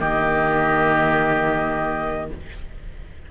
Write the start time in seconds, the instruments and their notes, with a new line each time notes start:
0.00 cello D#3, viola A#3, oboe G4, flute D#5